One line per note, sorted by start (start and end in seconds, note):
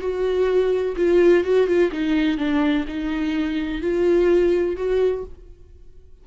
0.00 0.95 F#4
0.96 1.44 F4
1.44 1.67 F#4
1.67 1.91 F4
1.91 2.37 D#4
2.37 2.85 D4
2.88 3.81 D#4
3.81 4.76 F4
4.76 5.24 F#4